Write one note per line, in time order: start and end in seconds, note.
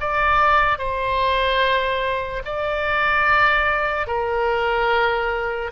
0.00 0.78 D5
0.78 2.42 C5
2.45 4.06 D5
4.06 5.71 A#4